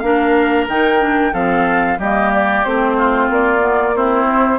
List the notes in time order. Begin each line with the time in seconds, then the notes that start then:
0.00 A#3 D4 A#4 F5
0.68 D#3 D#4 G5
1.00 D4
1.33 F3 C4 A4 F5
1.98 G3 A#3 G4 D#5
2.34 D5
2.64 A3 C4 C5
2.97 F4
3.29 A#3 D5
3.60 B3
3.95 C4 E4 C5
4.25 C4